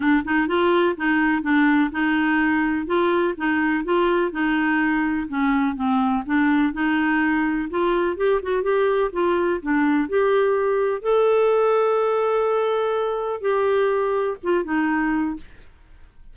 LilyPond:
\new Staff \with { instrumentName = "clarinet" } { \time 4/4 \tempo 4 = 125 d'8 dis'8 f'4 dis'4 d'4 | dis'2 f'4 dis'4 | f'4 dis'2 cis'4 | c'4 d'4 dis'2 |
f'4 g'8 fis'8 g'4 f'4 | d'4 g'2 a'4~ | a'1 | g'2 f'8 dis'4. | }